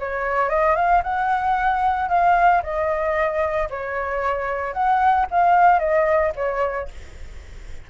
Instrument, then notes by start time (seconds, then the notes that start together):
flute
0.00 C#5
0.49 D#5
0.76 F5
1.04 F#5
2.09 F5
2.63 D#5
3.70 C#5
4.73 F#5
5.31 F5
5.80 D#5
6.36 C#5